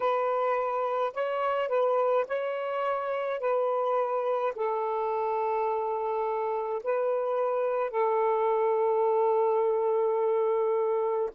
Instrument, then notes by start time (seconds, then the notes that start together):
saxophone
0.00 B4
1.13 C#5
1.68 B4
2.27 C#5
3.40 B4
4.55 A4
6.83 B4
7.90 A4